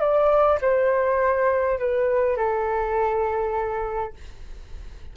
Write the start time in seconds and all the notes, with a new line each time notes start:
0.00 D5
0.61 C5
1.79 B4
2.36 A4